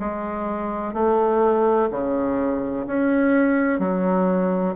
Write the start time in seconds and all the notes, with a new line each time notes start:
0.00 G#3
0.94 A3
1.91 C#3
2.87 C#4
3.80 F#3